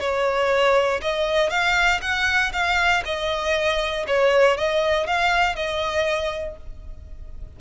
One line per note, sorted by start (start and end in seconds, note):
0.00 1.01 C#5
1.02 1.50 D#5
1.50 2.00 F5
2.01 2.52 F#5
2.53 3.03 F5
3.05 4.06 D#5
4.07 4.57 C#5
4.57 5.07 D#5
5.07 5.55 F5
5.55 6.56 D#5